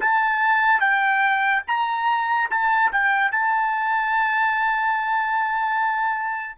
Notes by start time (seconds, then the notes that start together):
0.00 A5
0.80 G5
1.67 A#5
2.50 A5
2.91 G5
3.31 A5